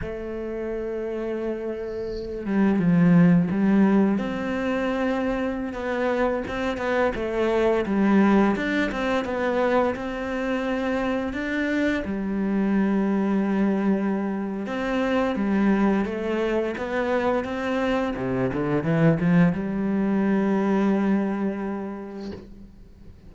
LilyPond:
\new Staff \with { instrumentName = "cello" } { \time 4/4 \tempo 4 = 86 a2.~ a8 g8 | f4 g4 c'2~ | c'16 b4 c'8 b8 a4 g8.~ | g16 d'8 c'8 b4 c'4.~ c'16~ |
c'16 d'4 g2~ g8.~ | g4 c'4 g4 a4 | b4 c'4 c8 d8 e8 f8 | g1 | }